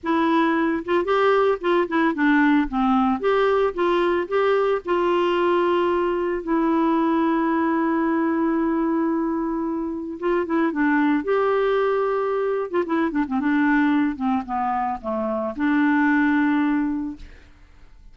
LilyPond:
\new Staff \with { instrumentName = "clarinet" } { \time 4/4 \tempo 4 = 112 e'4. f'8 g'4 f'8 e'8 | d'4 c'4 g'4 f'4 | g'4 f'2. | e'1~ |
e'2. f'8 e'8 | d'4 g'2~ g'8. f'16 | e'8 d'16 c'16 d'4. c'8 b4 | a4 d'2. | }